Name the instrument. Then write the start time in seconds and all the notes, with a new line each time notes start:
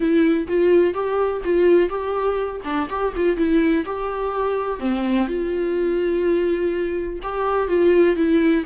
viola
0.00 E4
0.47 F4
0.94 G4
1.44 F4
1.89 G4
2.64 D4
2.89 G4
3.15 F4
3.36 E4
3.85 G4
4.79 C4
5.27 F4
7.22 G4
7.68 F4
8.16 E4